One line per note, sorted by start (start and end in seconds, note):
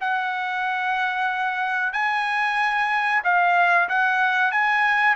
0.00 1.93 F#5
1.93 3.22 G#5
3.24 3.88 F5
3.88 4.51 F#5
4.51 5.16 G#5